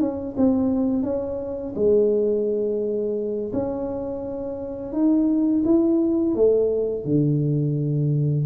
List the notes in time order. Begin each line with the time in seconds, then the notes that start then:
0.00 C#4
0.37 C4
1.03 C#4
1.76 G#3
3.53 C#4
4.93 D#4
5.65 E4
6.35 A3
7.05 D3